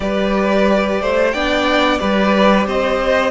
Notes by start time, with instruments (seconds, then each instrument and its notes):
0.00 cello G3, viola G4, violin B4 D5
1.00 cello A3, violin C5
1.31 cello B3, viola D4, violin D5 G5
1.98 cello G3, viola G4, violin B4 D5
2.65 cello C4, violin C5 D#5